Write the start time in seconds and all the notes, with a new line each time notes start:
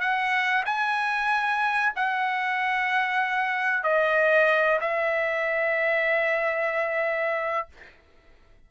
0.00 F#5
0.65 G#5
1.96 F#5
3.83 D#5
4.80 E5